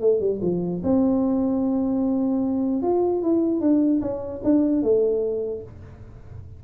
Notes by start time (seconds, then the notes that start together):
0.00 A3
0.20 G3
0.42 F3
0.83 C4
2.82 F4
3.22 E4
3.60 D4
4.01 C#4
4.43 D4
4.82 A3